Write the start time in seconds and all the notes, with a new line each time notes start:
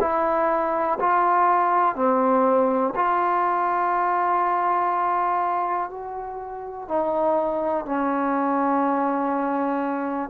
0.00 E4
1.00 F4
1.95 C4
2.95 F4
5.90 F#4
6.88 D#4
7.85 C#4